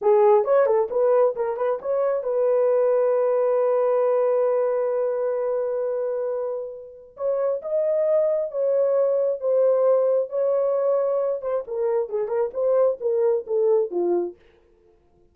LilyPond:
\new Staff \with { instrumentName = "horn" } { \time 4/4 \tempo 4 = 134 gis'4 cis''8 a'8 b'4 ais'8 b'8 | cis''4 b'2.~ | b'1~ | b'1 |
cis''4 dis''2 cis''4~ | cis''4 c''2 cis''4~ | cis''4. c''8 ais'4 gis'8 ais'8 | c''4 ais'4 a'4 f'4 | }